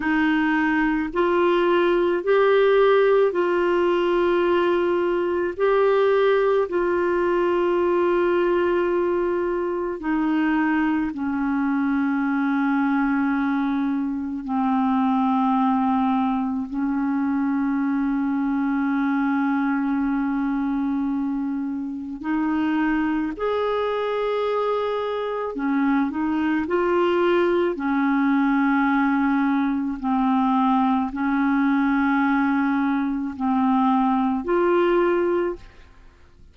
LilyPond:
\new Staff \with { instrumentName = "clarinet" } { \time 4/4 \tempo 4 = 54 dis'4 f'4 g'4 f'4~ | f'4 g'4 f'2~ | f'4 dis'4 cis'2~ | cis'4 c'2 cis'4~ |
cis'1 | dis'4 gis'2 cis'8 dis'8 | f'4 cis'2 c'4 | cis'2 c'4 f'4 | }